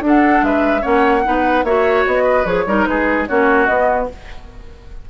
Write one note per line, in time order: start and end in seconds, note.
0.00 0.41 D4
0.00 0.81 D4
0.00 0.45 A4
0.07 0.44 F#5
0.42 0.83 G#3
0.42 0.81 B4
0.42 0.84 E5
0.81 1.26 A#3
0.81 1.22 C#4
0.81 1.22 C#5
0.81 1.65 F#5
1.24 1.64 B3
1.24 1.65 D#4
1.24 1.65 B4
1.64 2.04 A#3
1.64 2.46 F#4
1.64 2.23 C#5
1.64 2.05 E5
2.06 2.45 B3
2.06 2.46 D#5
2.23 2.64 B4
2.45 2.65 F3
2.45 2.66 G#4
2.45 2.86 C#5
2.66 2.87 G3
2.66 3.28 D#4
2.66 2.88 A#4
2.86 3.28 G#3
2.86 3.29 G#4
2.86 3.26 B4
3.27 3.68 A#3
3.27 3.68 C#4
3.27 4.10 F#4
3.27 3.66 C#5
3.66 4.09 B3
3.66 4.10 B3
3.66 4.06 D#5